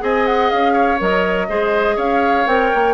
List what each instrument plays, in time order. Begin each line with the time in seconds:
0.00 bassoon C4, clarinet G#4, oboe D#5, flute G#5
0.27 flute F#5
0.51 bassoon C#4, flute F5
0.73 oboe C#5
0.99 bassoon F#3, clarinet A#4, flute D#5
1.49 bassoon G#3, clarinet G#4, oboe C5
1.96 bassoon C#4, oboe C#5, flute F5
2.46 bassoon C4, clarinet A#4, flute G5
2.75 bassoon A#3